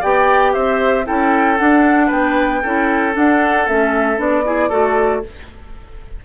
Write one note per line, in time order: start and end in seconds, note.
0.00 0.55 B3
0.00 1.05 G4
0.00 0.52 D5
0.00 0.53 G5
0.53 1.08 C4
0.53 1.06 C5
0.53 1.06 E5
1.05 1.60 C#4
1.05 1.57 E4
1.05 2.07 A4
1.05 1.58 G5
1.58 2.63 D4
1.58 2.11 D4
1.58 2.10 F#5
2.07 2.63 B3
2.07 2.59 B4
2.07 3.15 G5
2.63 3.16 C#4
2.63 3.13 E4
2.63 4.45 A4
3.13 3.65 D4
3.13 3.68 D4
3.13 3.68 F#5
3.68 4.18 A3
3.68 4.17 C#4
3.68 4.20 E5
4.17 4.70 B3
4.17 4.43 D4
4.17 5.25 D5
4.45 4.70 E4
4.45 4.69 G#4
4.69 5.23 A3
4.69 5.22 F#4
4.69 5.21 A4